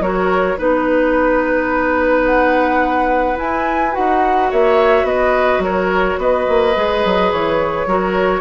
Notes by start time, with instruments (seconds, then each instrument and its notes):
0.00 bassoon F#3, clarinet F#4, oboe A#4, flute C#5
0.58 bassoon B3, clarinet D#4, oboe B4, flute B4
2.25 flute F#5
3.36 clarinet E4, bassoon E4, flute G#5
3.92 bassoon D#4, clarinet F#4, flute F#5
4.51 bassoon A#3, oboe C#5, flute E5
5.04 bassoon B3, oboe B4, flute D#5
5.59 bassoon F#3, oboe A#4, flute C#5
6.18 bassoon B3, oboe B4, flute D#5
6.48 bassoon A#3
6.76 bassoon G#3, clarinet G#4
7.05 bassoon F#3
7.33 bassoon E3, flute C#5
7.86 bassoon F#3, clarinet F#4, oboe A#4